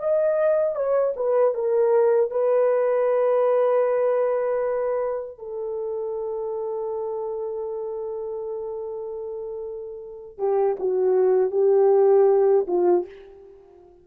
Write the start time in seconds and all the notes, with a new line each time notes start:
0.00 D#5
0.76 C#5
1.17 B4
1.55 A#4
2.31 B4
5.39 A4
10.38 G4
10.80 F#4
11.51 G4
12.68 F4